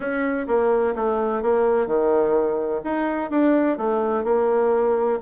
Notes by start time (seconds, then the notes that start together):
0.00 C#4
0.47 A#3
0.95 A3
1.42 A#3
1.86 D#3
2.83 D#4
3.30 D4
3.77 A3
4.24 A#3